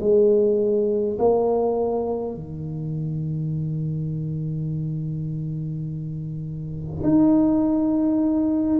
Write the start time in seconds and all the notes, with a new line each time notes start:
0.00 G#3
1.19 A#3
2.34 D#3
7.03 D#4